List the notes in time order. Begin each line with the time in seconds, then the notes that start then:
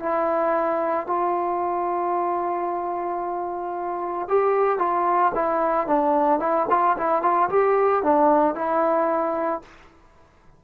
0.00 E4
1.07 F4
4.29 G4
4.79 F4
5.35 E4
5.87 D4
6.40 E4
6.70 F4
6.97 E4
7.23 F4
7.50 G4
8.03 D4
8.55 E4